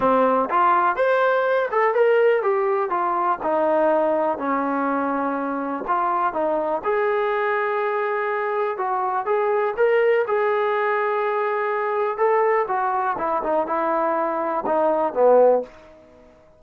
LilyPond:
\new Staff \with { instrumentName = "trombone" } { \time 4/4 \tempo 4 = 123 c'4 f'4 c''4. a'8 | ais'4 g'4 f'4 dis'4~ | dis'4 cis'2. | f'4 dis'4 gis'2~ |
gis'2 fis'4 gis'4 | ais'4 gis'2.~ | gis'4 a'4 fis'4 e'8 dis'8 | e'2 dis'4 b4 | }